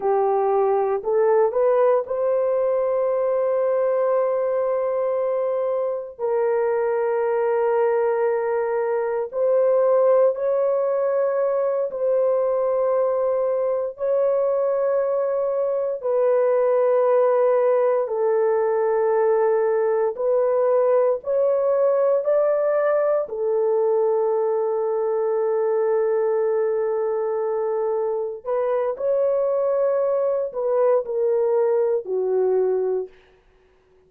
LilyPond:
\new Staff \with { instrumentName = "horn" } { \time 4/4 \tempo 4 = 58 g'4 a'8 b'8 c''2~ | c''2 ais'2~ | ais'4 c''4 cis''4. c''8~ | c''4. cis''2 b'8~ |
b'4. a'2 b'8~ | b'8 cis''4 d''4 a'4.~ | a'2.~ a'8 b'8 | cis''4. b'8 ais'4 fis'4 | }